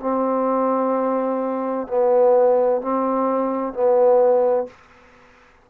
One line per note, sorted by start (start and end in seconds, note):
0.00 1.87 C4
1.87 2.81 B3
2.81 3.73 C4
3.73 4.67 B3